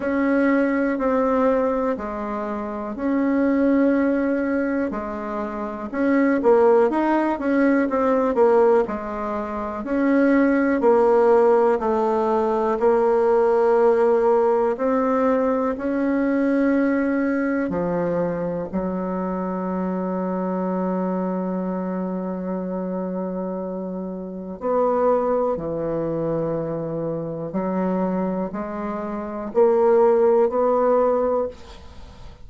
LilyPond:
\new Staff \with { instrumentName = "bassoon" } { \time 4/4 \tempo 4 = 61 cis'4 c'4 gis4 cis'4~ | cis'4 gis4 cis'8 ais8 dis'8 cis'8 | c'8 ais8 gis4 cis'4 ais4 | a4 ais2 c'4 |
cis'2 f4 fis4~ | fis1~ | fis4 b4 e2 | fis4 gis4 ais4 b4 | }